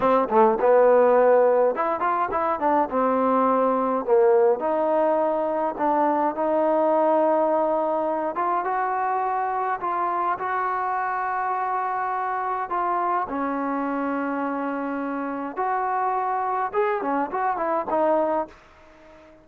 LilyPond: \new Staff \with { instrumentName = "trombone" } { \time 4/4 \tempo 4 = 104 c'8 a8 b2 e'8 f'8 | e'8 d'8 c'2 ais4 | dis'2 d'4 dis'4~ | dis'2~ dis'8 f'8 fis'4~ |
fis'4 f'4 fis'2~ | fis'2 f'4 cis'4~ | cis'2. fis'4~ | fis'4 gis'8 cis'8 fis'8 e'8 dis'4 | }